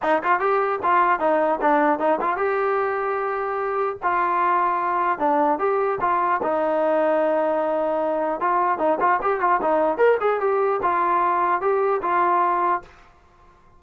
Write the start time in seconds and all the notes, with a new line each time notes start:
0.02 D#4
0.23 F4
0.39 G4
0.82 F4
1.19 D#4
1.61 D4
1.99 D#4
2.21 F4
2.36 G4
4.02 F4
5.18 D4
5.58 G4
6.00 F4
6.42 D#4
8.40 F4
8.78 D#4
9.00 F4
9.22 G4
9.40 F4
9.61 D#4
9.97 A#4
10.20 G#4
10.40 G4
10.82 F4
11.61 G4
12.02 F4